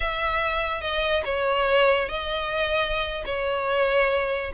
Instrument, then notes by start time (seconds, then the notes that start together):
violin
0.00 E5
0.81 D#5
1.25 C#5
2.08 D#5
3.25 C#5